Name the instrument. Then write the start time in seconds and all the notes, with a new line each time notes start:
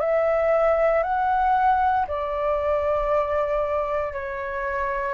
flute
0.00 E5
1.03 F#5
2.07 D5
4.13 C#5